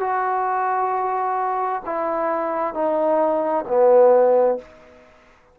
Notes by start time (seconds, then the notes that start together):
0.00 F#4
1.86 E4
2.74 D#4
3.67 B3